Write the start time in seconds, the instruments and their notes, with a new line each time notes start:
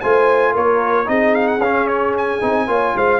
0.00 tuba A3, trombone F4, horn C5, trumpet G#5
0.52 tuba A#3, horn A#4, trumpet C#5
1.05 tuba C4, trombone D#4, horn G#4, trumpet D#5
1.34 trumpet F5
1.47 trumpet F#5
1.58 tuba C#4, trombone C#4, trumpet F5
1.87 trumpet C#5
2.17 trumpet G#5
2.41 tuba C4, trombone D#4
2.67 tuba A#3, trombone F4, horn C#5
2.95 tuba G#3, horn C5, trumpet F5